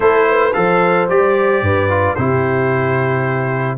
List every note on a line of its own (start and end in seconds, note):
0.00 0.54 A3
0.00 0.52 E4
0.00 0.28 A4
0.00 0.53 C5
0.29 0.56 B4
0.53 1.09 F3
0.53 1.08 A4
0.53 1.63 C5
0.53 1.07 F5
1.08 1.61 G3
1.08 1.89 G4
1.08 2.15 D5
1.61 2.15 G2
1.61 2.15 B4
1.89 2.16 F4
2.15 3.78 C3
2.15 3.78 E4
2.15 3.77 G4
2.15 3.77 C5